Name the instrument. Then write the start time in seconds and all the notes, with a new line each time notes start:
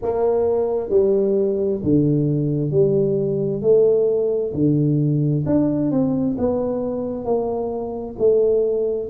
tuba
0.02 A#3
0.89 G3
1.83 D3
2.70 G3
3.61 A3
4.53 D3
5.45 D4
5.91 C4
6.38 B3
7.24 A#3
8.18 A3